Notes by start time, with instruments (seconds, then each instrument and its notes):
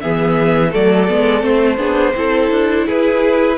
0.00 cello E3, viola B3, violin G#4 E5
0.69 viola A3, violin A4 D5
0.75 cello F#3
1.08 cello G#3, viola B3
1.40 cello A3, viola C4, violin C5
1.77 cello B3, viola D4, violin G#4
2.16 cello C4, viola E4, violin A4
2.51 cello D4
2.86 cello E4, violin G#4 B4